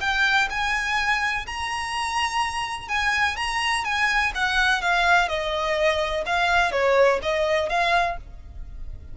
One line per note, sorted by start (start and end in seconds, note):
0.00 0.48 G5
0.49 1.45 G#5
1.46 2.88 A#5
2.88 3.36 G#5
3.36 3.84 A#5
3.84 4.32 G#5
4.34 4.81 F#5
4.81 5.28 F5
5.28 6.24 D#5
6.26 6.71 F5
6.71 7.19 C#5
7.22 7.69 D#5
7.69 8.17 F5